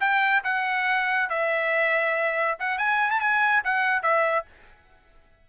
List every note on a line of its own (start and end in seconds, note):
0.00 0.43 G5
0.44 1.30 F#5
1.30 2.58 E5
2.59 2.78 F#5
2.78 3.11 G#5
3.11 3.20 A5
3.20 3.63 G#5
3.64 4.03 F#5
4.03 4.46 E5